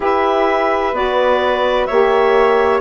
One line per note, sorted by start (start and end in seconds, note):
0.00 0.92 E4
0.00 0.93 G4
0.00 1.87 B4
0.00 0.95 E5
0.92 1.86 B3
0.92 1.88 F#4
0.92 1.85 D5
1.85 2.80 A#3
1.85 2.80 G4
1.85 2.80 C#5
1.85 2.79 E5